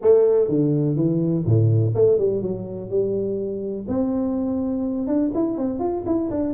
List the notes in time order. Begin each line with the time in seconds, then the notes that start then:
0.01 A3
0.48 D3
0.95 E3
1.45 A2
1.95 A3
2.18 G3
2.42 F#3
2.89 G3
3.88 C4
5.07 D4
5.34 E4
5.57 C4
5.79 F4
6.05 E4
6.30 D4